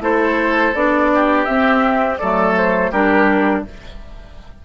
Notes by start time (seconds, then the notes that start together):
0.00 A3 E4 A4 C5
0.74 B3 D4 D5
1.14 G4
1.45 C4 E5
2.17 F#3 A3 A4 D5
2.56 C5
2.91 G3 D4 G4 A#4